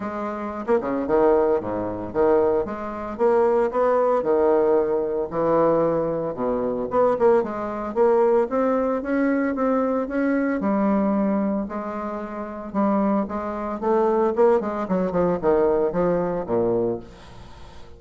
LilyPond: \new Staff \with { instrumentName = "bassoon" } { \time 4/4 \tempo 4 = 113 gis4~ gis16 ais16 cis8 dis4 gis,4 | dis4 gis4 ais4 b4 | dis2 e2 | b,4 b8 ais8 gis4 ais4 |
c'4 cis'4 c'4 cis'4 | g2 gis2 | g4 gis4 a4 ais8 gis8 | fis8 f8 dis4 f4 ais,4 | }